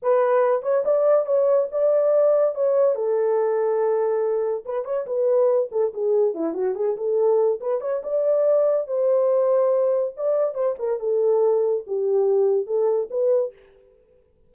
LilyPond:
\new Staff \with { instrumentName = "horn" } { \time 4/4 \tempo 4 = 142 b'4. cis''8 d''4 cis''4 | d''2 cis''4 a'4~ | a'2. b'8 cis''8 | b'4. a'8 gis'4 e'8 fis'8 |
gis'8 a'4. b'8 cis''8 d''4~ | d''4 c''2. | d''4 c''8 ais'8 a'2 | g'2 a'4 b'4 | }